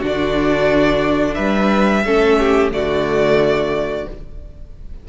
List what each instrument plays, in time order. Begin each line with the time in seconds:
0.00 cello D3, viola D4, violin F#4
0.07 violin D5
1.35 cello G3, violin B4 E5
2.05 cello A3, viola C#4, violin A4
2.40 violin G4
2.72 cello D3, viola A3, violin F#4 D5